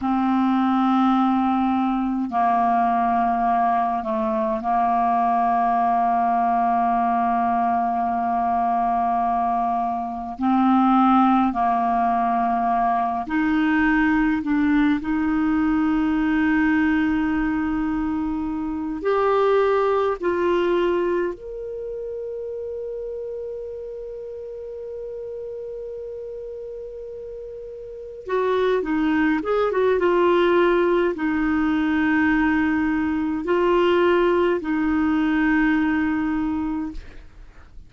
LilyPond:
\new Staff \with { instrumentName = "clarinet" } { \time 4/4 \tempo 4 = 52 c'2 ais4. a8 | ais1~ | ais4 c'4 ais4. dis'8~ | dis'8 d'8 dis'2.~ |
dis'8 g'4 f'4 ais'4.~ | ais'1~ | ais'8 fis'8 dis'8 gis'16 fis'16 f'4 dis'4~ | dis'4 f'4 dis'2 | }